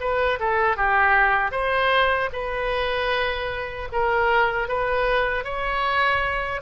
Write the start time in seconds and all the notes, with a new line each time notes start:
0.00 B4
0.39 A4
0.77 G4
1.51 C5
2.33 B4
3.92 A#4
4.68 B4
5.44 C#5